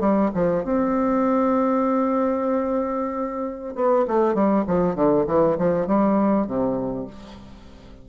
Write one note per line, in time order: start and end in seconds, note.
0.00 0.30 G3
0.34 0.64 F3
0.64 3.75 C4
3.75 4.05 B3
4.07 4.34 A3
4.34 4.64 G3
4.67 4.95 F3
4.95 5.25 D3
5.27 5.57 E3
5.58 5.87 F3
5.87 6.47 G3
6.47 7.07 C3